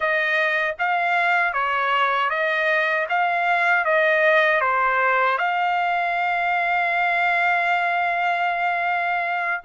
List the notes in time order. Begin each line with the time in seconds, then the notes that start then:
0.00 D#5
0.78 F5
1.53 C#5
2.30 D#5
3.09 F5
3.84 D#5
4.60 C5
5.38 F5